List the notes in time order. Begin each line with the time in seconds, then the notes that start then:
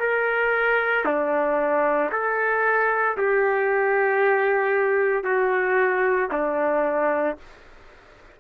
0.00 A#4
1.05 D4
2.12 A4
3.18 G4
5.24 F#4
6.32 D4